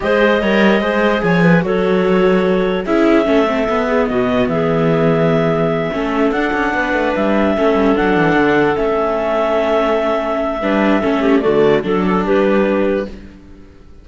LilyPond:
<<
  \new Staff \with { instrumentName = "clarinet" } { \time 4/4 \tempo 4 = 147 dis''2. gis''4 | cis''2. e''4~ | e''2 dis''4 e''4~ | e''2.~ e''8 fis''8~ |
fis''4. e''2 fis''8~ | fis''4. e''2~ e''8~ | e''1 | d''4 a'4 b'2 | }
  \new Staff \with { instrumentName = "clarinet" } { \time 4/4 c''4 cis''4 c''4 cis''8 b'8 | a'2. gis'4 | a'4. gis'8 fis'4 gis'4~ | gis'2~ gis'8 a'4.~ |
a'8 b'2 a'4.~ | a'1~ | a'2 b'4 a'8 g'8 | fis'4 a'4 g'2 | }
  \new Staff \with { instrumentName = "viola" } { \time 4/4 gis'4 ais'4 gis'2 | fis'2. e'4 | cis'8 c'8 b2.~ | b2~ b8 cis'4 d'8~ |
d'2~ d'8 cis'4 d'8~ | d'4. cis'2~ cis'8~ | cis'2 d'4 cis'4 | a4 d'2. | }
  \new Staff \with { instrumentName = "cello" } { \time 4/4 gis4 g4 gis4 f4 | fis2. cis'4 | a4 b4 b,4 e4~ | e2~ e8 a4 d'8 |
cis'8 b8 a8 g4 a8 g8 fis8 | e8 d4 a2~ a8~ | a2 g4 a4 | d4 fis4 g2 | }
>>